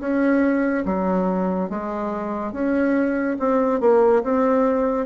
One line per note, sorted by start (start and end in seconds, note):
0.00 0.85 C#4
0.85 1.69 F#3
1.69 2.52 G#3
2.52 3.37 C#4
3.40 3.81 C4
3.81 4.23 A#3
4.23 5.06 C4